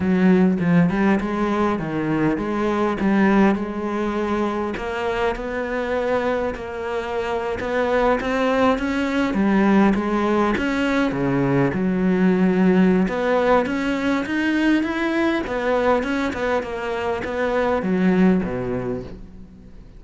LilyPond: \new Staff \with { instrumentName = "cello" } { \time 4/4 \tempo 4 = 101 fis4 f8 g8 gis4 dis4 | gis4 g4 gis2 | ais4 b2 ais4~ | ais8. b4 c'4 cis'4 g16~ |
g8. gis4 cis'4 cis4 fis16~ | fis2 b4 cis'4 | dis'4 e'4 b4 cis'8 b8 | ais4 b4 fis4 b,4 | }